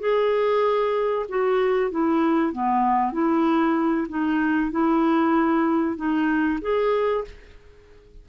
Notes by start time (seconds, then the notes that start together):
0.00 G#4
1.29 F#4
1.91 E4
2.53 B3
3.13 E4
4.09 D#4
4.71 E4
5.97 D#4
6.62 G#4